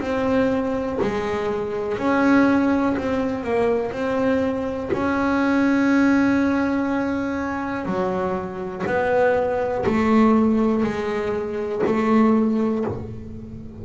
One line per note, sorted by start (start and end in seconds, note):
0.00 0.98 C4
1.01 1.98 G#3
1.98 2.96 C#4
2.97 3.43 C4
3.43 3.92 A#3
3.92 4.90 C4
4.92 7.85 C#4
7.85 8.83 F#3
8.86 9.85 B3
9.85 10.83 A3
10.83 11.82 G#3
11.86 12.85 A3